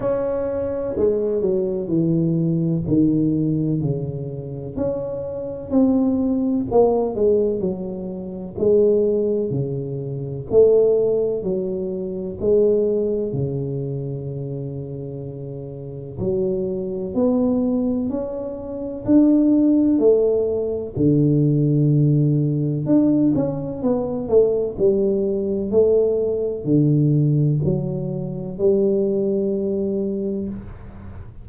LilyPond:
\new Staff \with { instrumentName = "tuba" } { \time 4/4 \tempo 4 = 63 cis'4 gis8 fis8 e4 dis4 | cis4 cis'4 c'4 ais8 gis8 | fis4 gis4 cis4 a4 | fis4 gis4 cis2~ |
cis4 fis4 b4 cis'4 | d'4 a4 d2 | d'8 cis'8 b8 a8 g4 a4 | d4 fis4 g2 | }